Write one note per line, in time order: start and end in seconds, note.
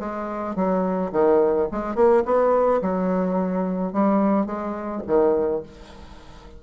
0.00 0.56 G#3
0.56 1.12 F#3
1.12 1.68 D#3
1.72 1.95 G#3
1.95 2.24 A#3
2.26 2.82 B3
2.82 3.93 F#3
3.93 4.46 G3
4.46 5.02 G#3
5.07 5.63 D#3